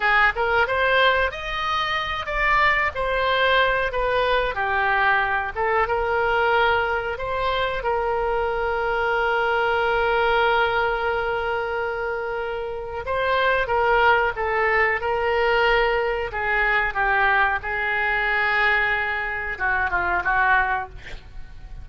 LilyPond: \new Staff \with { instrumentName = "oboe" } { \time 4/4 \tempo 4 = 92 gis'8 ais'8 c''4 dis''4. d''8~ | d''8 c''4. b'4 g'4~ | g'8 a'8 ais'2 c''4 | ais'1~ |
ais'1 | c''4 ais'4 a'4 ais'4~ | ais'4 gis'4 g'4 gis'4~ | gis'2 fis'8 f'8 fis'4 | }